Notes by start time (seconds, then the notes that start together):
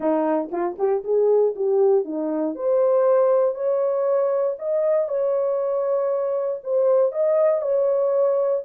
0.00 D#4
0.51 F4
0.78 G4
1.04 G#4
1.55 G4
2.05 D#4
2.55 C5
3.55 C#5
4.59 D#5
5.08 C#5
6.63 C5
7.11 D#5
7.61 C#5